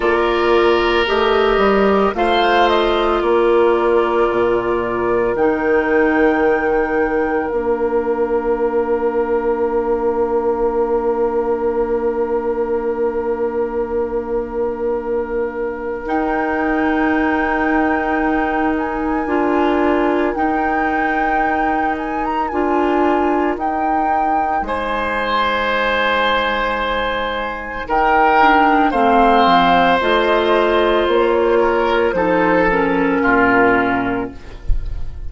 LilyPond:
<<
  \new Staff \with { instrumentName = "flute" } { \time 4/4 \tempo 4 = 56 d''4 dis''4 f''8 dis''8 d''4~ | d''4 g''2 f''4~ | f''1~ | f''2. g''4~ |
g''4. gis''4. g''4~ | g''8 gis''16 ais''16 gis''4 g''4 gis''4~ | gis''2 g''4 f''4 | dis''4 cis''4 c''8 ais'4. | }
  \new Staff \with { instrumentName = "oboe" } { \time 4/4 ais'2 c''4 ais'4~ | ais'1~ | ais'1~ | ais'1~ |
ais'1~ | ais'2. c''4~ | c''2 ais'4 c''4~ | c''4. ais'8 a'4 f'4 | }
  \new Staff \with { instrumentName = "clarinet" } { \time 4/4 f'4 g'4 f'2~ | f'4 dis'2 d'4~ | d'1~ | d'2. dis'4~ |
dis'2 f'4 dis'4~ | dis'4 f'4 dis'2~ | dis'2~ dis'8 d'8 c'4 | f'2 dis'8 cis'4. | }
  \new Staff \with { instrumentName = "bassoon" } { \time 4/4 ais4 a8 g8 a4 ais4 | ais,4 dis2 ais4~ | ais1~ | ais2. dis'4~ |
dis'2 d'4 dis'4~ | dis'4 d'4 dis'4 gis4~ | gis2 dis'4 a8 f8 | a4 ais4 f4 ais,4 | }
>>